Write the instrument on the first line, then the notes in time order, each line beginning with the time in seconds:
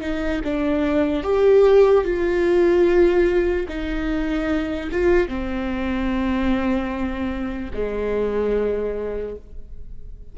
viola
0.00 D#4
0.44 D4
1.23 G4
2.04 F4
3.68 D#4
4.91 F4
5.27 C4
7.73 G#3